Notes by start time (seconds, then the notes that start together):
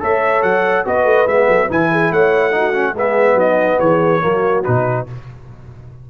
0.00 A3 A4 C#5 E5
0.42 F#3 F#5
0.84 B3 F#4 B4 D#5
1.04 A3
1.26 G#3 B3 E5
1.47 F#3 A4
1.68 E3 E4 B4 G#5
1.91 G#4
2.11 A3 C#5 F#5
2.51 D#4 F#4
2.73 C#4
2.92 G#3 B3 G#4 E5
3.34 F#3 D#4 D#5
3.79 E3 G#4 C#5
4.21 F#3 A#3 F#4
4.63 B2 D#4 B4